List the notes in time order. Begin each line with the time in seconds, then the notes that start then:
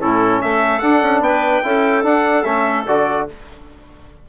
0.00 A2 C#4 E4 A4
0.42 A3 A4 E5
0.80 D4 F#5
1.03 C#4
1.21 B3 B4 G5
1.63 C#4 E4 A4
2.03 D4 F#5
2.44 A3 C#4 E5
2.87 D3 F#4 D5